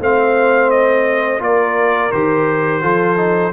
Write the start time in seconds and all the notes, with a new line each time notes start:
0.00 A3 C4 C5 F5
0.71 D#5
1.40 A#3 F4 A#4 D5
2.12 D#3 G4 C5
2.82 F3 F4 A4
3.17 D#4